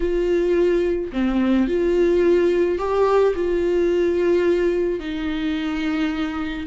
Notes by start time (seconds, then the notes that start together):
0.00 F4
1.12 C4
1.67 F4
2.78 G4
3.35 F4
4.99 D#4